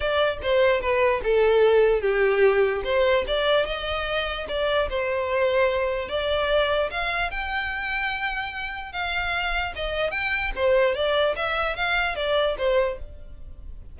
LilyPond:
\new Staff \with { instrumentName = "violin" } { \time 4/4 \tempo 4 = 148 d''4 c''4 b'4 a'4~ | a'4 g'2 c''4 | d''4 dis''2 d''4 | c''2. d''4~ |
d''4 f''4 g''2~ | g''2 f''2 | dis''4 g''4 c''4 d''4 | e''4 f''4 d''4 c''4 | }